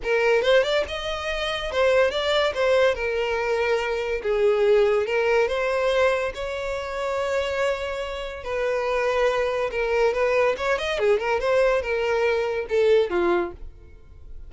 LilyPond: \new Staff \with { instrumentName = "violin" } { \time 4/4 \tempo 4 = 142 ais'4 c''8 d''8 dis''2 | c''4 d''4 c''4 ais'4~ | ais'2 gis'2 | ais'4 c''2 cis''4~ |
cis''1 | b'2. ais'4 | b'4 cis''8 dis''8 gis'8 ais'8 c''4 | ais'2 a'4 f'4 | }